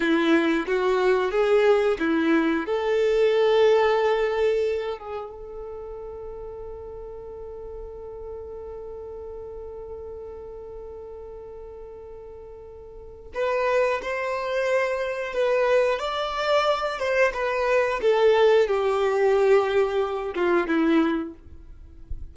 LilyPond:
\new Staff \with { instrumentName = "violin" } { \time 4/4 \tempo 4 = 90 e'4 fis'4 gis'4 e'4 | a'2.~ a'8 gis'8 | a'1~ | a'1~ |
a'1 | b'4 c''2 b'4 | d''4. c''8 b'4 a'4 | g'2~ g'8 f'8 e'4 | }